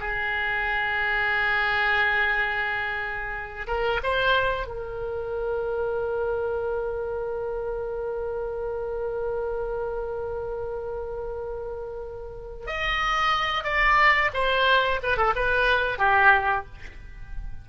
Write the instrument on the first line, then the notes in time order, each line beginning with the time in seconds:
oboe
0.00 G#4
3.67 A#4
4.03 C5
4.66 A#4
12.67 D#5
13.64 D5
14.33 C5
15.03 B4
15.17 A4
15.35 B4
15.98 G4